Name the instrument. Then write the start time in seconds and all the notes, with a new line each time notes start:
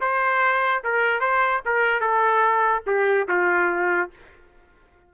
trumpet
0.00 C5
0.83 A#4
1.20 C5
1.65 A#4
2.00 A4
2.86 G4
3.28 F4